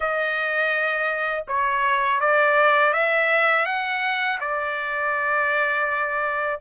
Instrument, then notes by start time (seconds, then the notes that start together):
trumpet
0.00 D#5
1.47 C#5
2.20 D5
2.93 E5
3.65 F#5
4.40 D5